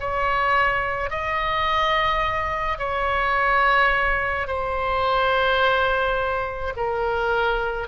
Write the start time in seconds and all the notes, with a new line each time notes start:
0.00 C#5
1.10 D#5
2.78 C#5
4.47 C5
6.77 A#4